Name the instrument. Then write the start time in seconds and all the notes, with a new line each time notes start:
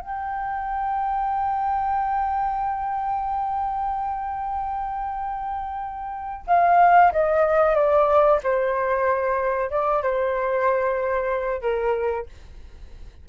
flute
0.00 G5
6.47 F5
7.12 D#5
7.75 D5
8.43 C5
9.70 D5
10.02 C5
11.61 A#4